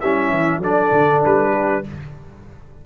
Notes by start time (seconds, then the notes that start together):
0.00 G3 C#4 E4 E5
0.30 E3
0.59 F#3 D4 A4 D5
0.92 D3
1.25 G3 B4
1.52 G4